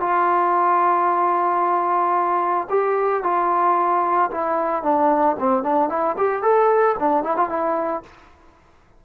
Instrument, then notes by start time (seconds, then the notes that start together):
trombone
0.00 F4
2.70 G4
3.23 F4
4.31 E4
4.83 D4
5.40 C4
5.63 D4
5.89 E4
6.17 G4
6.43 A4
6.99 D4
7.24 E4
7.37 F4
7.49 E4